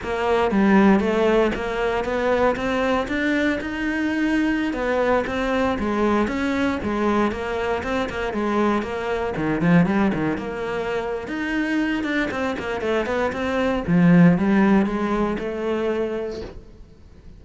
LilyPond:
\new Staff \with { instrumentName = "cello" } { \time 4/4 \tempo 4 = 117 ais4 g4 a4 ais4 | b4 c'4 d'4 dis'4~ | dis'4~ dis'16 b4 c'4 gis8.~ | gis16 cis'4 gis4 ais4 c'8 ais16~ |
ais16 gis4 ais4 dis8 f8 g8 dis16~ | dis16 ais4.~ ais16 dis'4. d'8 | c'8 ais8 a8 b8 c'4 f4 | g4 gis4 a2 | }